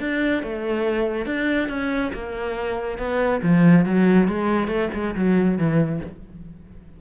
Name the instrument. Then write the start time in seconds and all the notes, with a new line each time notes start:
cello
0.00 D4
0.43 A3
1.26 D4
1.69 C#4
2.13 A#3
2.98 B3
3.42 F3
3.86 F#3
4.28 G#3
4.68 A3
4.94 G#3
5.15 F#3
5.58 E3